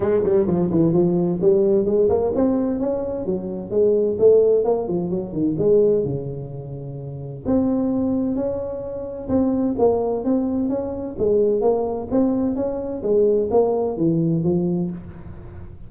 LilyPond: \new Staff \with { instrumentName = "tuba" } { \time 4/4 \tempo 4 = 129 gis8 g8 f8 e8 f4 g4 | gis8 ais8 c'4 cis'4 fis4 | gis4 a4 ais8 f8 fis8 dis8 | gis4 cis2. |
c'2 cis'2 | c'4 ais4 c'4 cis'4 | gis4 ais4 c'4 cis'4 | gis4 ais4 e4 f4 | }